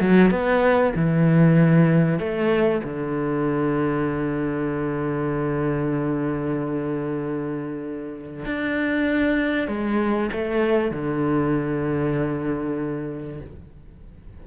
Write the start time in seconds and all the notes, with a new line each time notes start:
0.00 F#3
0.31 B3
0.95 E3
2.19 A3
2.84 D3
8.45 D4
9.68 G#3
10.32 A3
10.91 D3